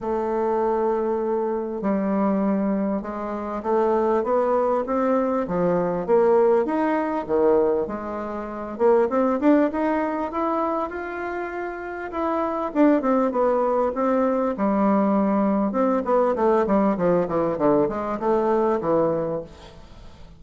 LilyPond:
\new Staff \with { instrumentName = "bassoon" } { \time 4/4 \tempo 4 = 99 a2. g4~ | g4 gis4 a4 b4 | c'4 f4 ais4 dis'4 | dis4 gis4. ais8 c'8 d'8 |
dis'4 e'4 f'2 | e'4 d'8 c'8 b4 c'4 | g2 c'8 b8 a8 g8 | f8 e8 d8 gis8 a4 e4 | }